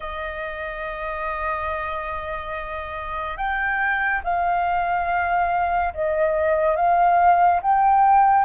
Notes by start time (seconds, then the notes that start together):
0.00 D#5
3.37 G5
4.24 F5
5.93 D#5
6.76 F5
7.61 G5